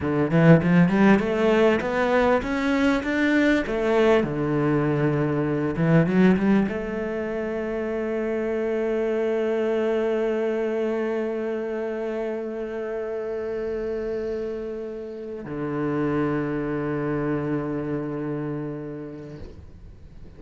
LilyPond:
\new Staff \with { instrumentName = "cello" } { \time 4/4 \tempo 4 = 99 d8 e8 f8 g8 a4 b4 | cis'4 d'4 a4 d4~ | d4. e8 fis8 g8 a4~ | a1~ |
a1~ | a1~ | a4. d2~ d8~ | d1 | }